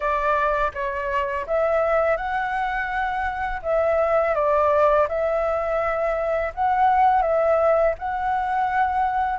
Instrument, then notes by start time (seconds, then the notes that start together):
flute
0.00 D5
0.74 C#5
1.47 E5
2.16 F#5
3.62 E5
4.34 D5
5.08 E5
6.54 F#5
7.22 E5
7.98 F#5